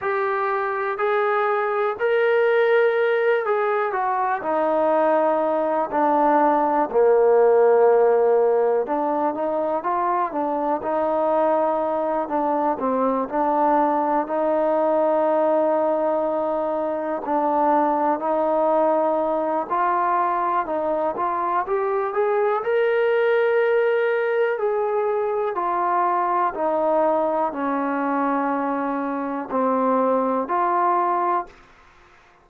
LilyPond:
\new Staff \with { instrumentName = "trombone" } { \time 4/4 \tempo 4 = 61 g'4 gis'4 ais'4. gis'8 | fis'8 dis'4. d'4 ais4~ | ais4 d'8 dis'8 f'8 d'8 dis'4~ | dis'8 d'8 c'8 d'4 dis'4.~ |
dis'4. d'4 dis'4. | f'4 dis'8 f'8 g'8 gis'8 ais'4~ | ais'4 gis'4 f'4 dis'4 | cis'2 c'4 f'4 | }